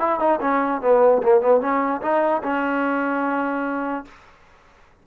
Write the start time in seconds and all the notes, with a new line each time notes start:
0.00 E4
0.20 D#4
0.41 C#4
0.82 B3
1.23 A#3
1.41 B3
1.61 C#4
2.02 D#4
2.43 C#4